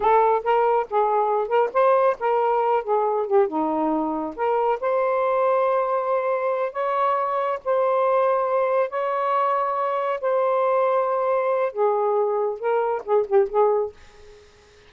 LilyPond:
\new Staff \with { instrumentName = "saxophone" } { \time 4/4 \tempo 4 = 138 a'4 ais'4 gis'4. ais'8 | c''4 ais'4. gis'4 g'8 | dis'2 ais'4 c''4~ | c''2.~ c''8 cis''8~ |
cis''4. c''2~ c''8~ | c''8 cis''2. c''8~ | c''2. gis'4~ | gis'4 ais'4 gis'8 g'8 gis'4 | }